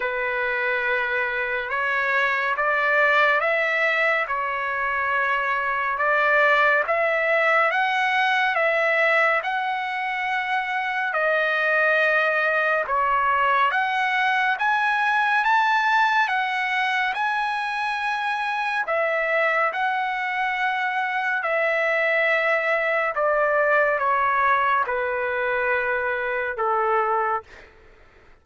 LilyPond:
\new Staff \with { instrumentName = "trumpet" } { \time 4/4 \tempo 4 = 70 b'2 cis''4 d''4 | e''4 cis''2 d''4 | e''4 fis''4 e''4 fis''4~ | fis''4 dis''2 cis''4 |
fis''4 gis''4 a''4 fis''4 | gis''2 e''4 fis''4~ | fis''4 e''2 d''4 | cis''4 b'2 a'4 | }